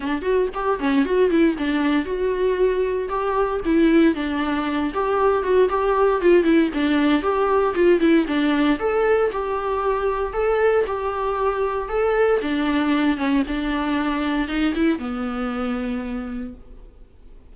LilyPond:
\new Staff \with { instrumentName = "viola" } { \time 4/4 \tempo 4 = 116 d'8 fis'8 g'8 cis'8 fis'8 e'8 d'4 | fis'2 g'4 e'4 | d'4. g'4 fis'8 g'4 | f'8 e'8 d'4 g'4 f'8 e'8 |
d'4 a'4 g'2 | a'4 g'2 a'4 | d'4. cis'8 d'2 | dis'8 e'8 b2. | }